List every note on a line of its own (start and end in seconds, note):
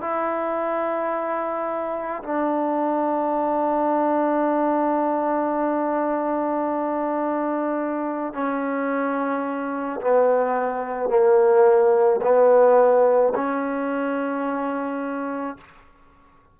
0.00 2.22 E4
2.23 8.33 D4
8.33 10.00 C#4
10.01 11.09 B3
11.09 12.20 A#3
12.22 13.33 B3
13.34 15.57 C#4